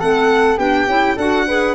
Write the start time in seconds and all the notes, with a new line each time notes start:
0.00 A3 C4 A4 F#5
0.57 B3 D4 G4 G5
0.87 C#4 E4
1.16 D4 F#4 A4 F#5
1.48 G#4 B4